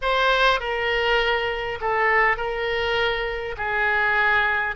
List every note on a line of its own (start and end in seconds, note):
0.01 0.60 C5
0.60 1.78 A#4
1.80 2.37 A4
2.37 3.55 A#4
3.57 4.75 G#4